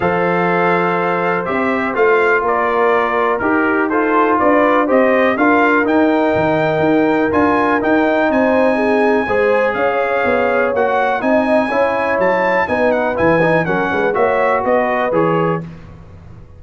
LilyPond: <<
  \new Staff \with { instrumentName = "trumpet" } { \time 4/4 \tempo 4 = 123 f''2. e''4 | f''4 d''2 ais'4 | c''4 d''4 dis''4 f''4 | g''2. gis''4 |
g''4 gis''2. | f''2 fis''4 gis''4~ | gis''4 a''4 gis''8 fis''8 gis''4 | fis''4 e''4 dis''4 cis''4 | }
  \new Staff \with { instrumentName = "horn" } { \time 4/4 c''1~ | c''4 ais'2 g'4 | a'4 b'4 c''4 ais'4~ | ais'1~ |
ais'4 c''4 gis'4 c''4 | cis''2. dis''4 | cis''2 b'2 | ais'8 b'8 cis''4 b'2 | }
  \new Staff \with { instrumentName = "trombone" } { \time 4/4 a'2. g'4 | f'2. g'4 | f'2 g'4 f'4 | dis'2. f'4 |
dis'2. gis'4~ | gis'2 fis'4 dis'4 | e'2 dis'4 e'8 dis'8 | cis'4 fis'2 gis'4 | }
  \new Staff \with { instrumentName = "tuba" } { \time 4/4 f2. c'4 | a4 ais2 dis'4~ | dis'4 d'4 c'4 d'4 | dis'4 dis4 dis'4 d'4 |
dis'4 c'2 gis4 | cis'4 b4 ais4 c'4 | cis'4 fis4 b4 e4 | fis8 gis8 ais4 b4 e4 | }
>>